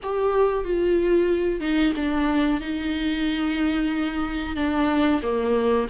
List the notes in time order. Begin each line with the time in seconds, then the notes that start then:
0.03 G4
0.64 F4
1.60 D#4
1.96 D4
2.60 D#4
4.55 D4
5.22 A#3